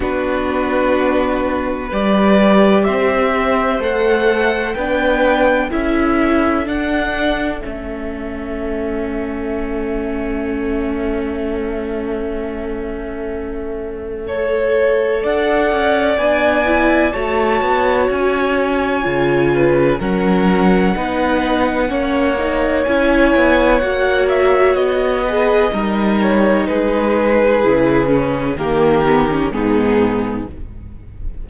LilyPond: <<
  \new Staff \with { instrumentName = "violin" } { \time 4/4 \tempo 4 = 63 b'2 d''4 e''4 | fis''4 g''4 e''4 fis''4 | e''1~ | e''1 |
fis''4 gis''4 a''4 gis''4~ | gis''4 fis''2. | gis''4 fis''8 e''8 dis''4. cis''8 | b'2 ais'4 gis'4 | }
  \new Staff \with { instrumentName = "violin" } { \time 4/4 fis'2 b'4 c''4~ | c''4 b'4 a'2~ | a'1~ | a'2. cis''4 |
d''2 cis''2~ | cis''8 b'8 ais'4 b'4 cis''4~ | cis''2~ cis''8 b'8 ais'4 | gis'2 g'4 dis'4 | }
  \new Staff \with { instrumentName = "viola" } { \time 4/4 d'2 g'2 | a'4 d'4 e'4 d'4 | cis'1~ | cis'2. a'4~ |
a'4 d'8 e'8 fis'2 | f'4 cis'4 dis'4 cis'8 dis'8 | e'4 fis'4. gis'8 dis'4~ | dis'4 e'8 cis'8 ais8 b16 cis'16 b4 | }
  \new Staff \with { instrumentName = "cello" } { \time 4/4 b2 g4 c'4 | a4 b4 cis'4 d'4 | a1~ | a1 |
d'8 cis'8 b4 a8 b8 cis'4 | cis4 fis4 b4 ais4 | cis'8 b8 ais4 b4 g4 | gis4 cis4 dis4 gis,4 | }
>>